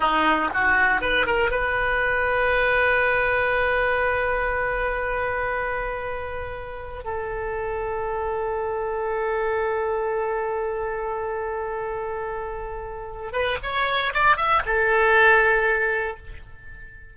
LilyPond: \new Staff \with { instrumentName = "oboe" } { \time 4/4 \tempo 4 = 119 dis'4 fis'4 b'8 ais'8 b'4~ | b'1~ | b'1~ | b'2 a'2~ |
a'1~ | a'1~ | a'2~ a'8 b'8 cis''4 | d''8 e''8 a'2. | }